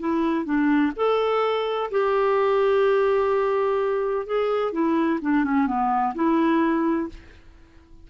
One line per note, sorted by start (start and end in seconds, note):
0.00 0.45 E4
0.45 0.93 D4
0.96 1.91 A4
1.91 4.27 G4
4.27 4.72 G#4
4.72 5.19 E4
5.22 5.45 D4
5.45 5.67 C#4
5.67 6.14 B3
6.15 7.10 E4